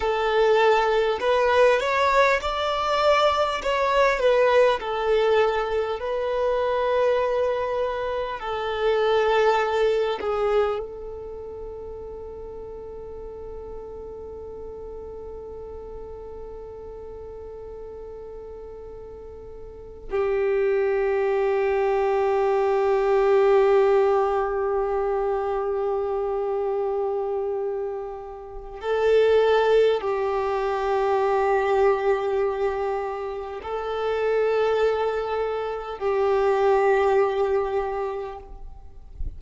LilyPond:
\new Staff \with { instrumentName = "violin" } { \time 4/4 \tempo 4 = 50 a'4 b'8 cis''8 d''4 cis''8 b'8 | a'4 b'2 a'4~ | a'8 gis'8 a'2.~ | a'1~ |
a'8. g'2.~ g'16~ | g'1 | a'4 g'2. | a'2 g'2 | }